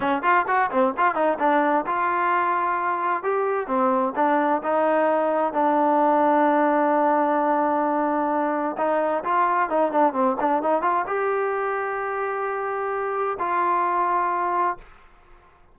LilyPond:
\new Staff \with { instrumentName = "trombone" } { \time 4/4 \tempo 4 = 130 cis'8 f'8 fis'8 c'8 f'8 dis'8 d'4 | f'2. g'4 | c'4 d'4 dis'2 | d'1~ |
d'2. dis'4 | f'4 dis'8 d'8 c'8 d'8 dis'8 f'8 | g'1~ | g'4 f'2. | }